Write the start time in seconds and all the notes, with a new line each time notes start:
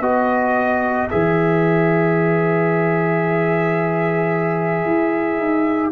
0.00 B3 F#4 B4 D#5
1.10 E3 G#4 E5
4.86 E4
5.37 D#4